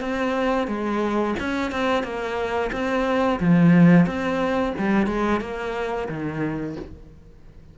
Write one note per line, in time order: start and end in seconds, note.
0.00 0.67 C4
0.67 1.34 G#3
1.39 1.71 C#4
1.71 2.03 C4
2.03 2.70 A#3
2.72 3.39 C4
3.40 4.06 F3
4.06 4.73 C4
4.78 5.06 G3
5.06 5.40 G#3
5.40 6.08 A#3
6.08 6.76 D#3